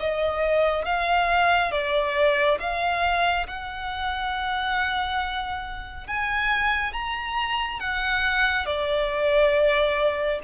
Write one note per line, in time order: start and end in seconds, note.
0.00 0.85 D#5
0.85 1.72 F5
1.72 2.59 D5
2.60 3.47 F5
3.47 6.08 F#5
6.08 6.94 G#5
6.94 7.80 A#5
7.80 8.66 F#5
8.66 10.40 D5